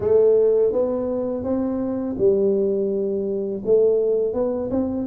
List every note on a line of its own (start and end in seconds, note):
0.00 0.72 A3
0.72 1.43 B3
1.43 2.16 C4
2.18 3.62 G3
3.65 4.33 A3
4.33 4.70 B3
4.71 5.07 C4